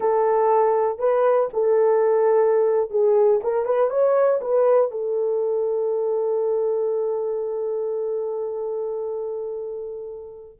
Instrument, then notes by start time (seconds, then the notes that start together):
horn
0.00 A4
0.98 B4
1.53 A4
2.90 G#4
3.43 A#4
3.65 B4
3.90 C#5
4.41 B4
4.91 A4